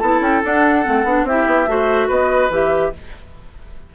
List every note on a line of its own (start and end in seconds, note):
0.00 0.21 B3
0.00 0.43 E4
0.00 1.26 A4
0.00 0.21 A5
0.21 0.42 C#4
0.21 0.44 G5
0.43 0.84 D4
0.43 0.86 D4
0.43 1.27 F#5
0.84 1.05 A3
0.84 1.05 C4
1.05 1.25 B3
1.05 1.28 D4
1.25 1.45 C4
1.25 1.68 E4
1.25 1.70 G4
1.25 2.11 E5
1.47 1.67 B3
1.67 2.09 A3
1.67 2.51 F#4
1.67 2.08 C5
2.08 2.50 B3
2.08 2.91 B4
2.08 2.53 D#5
2.50 2.92 E3
2.50 2.93 G4
2.50 2.95 E5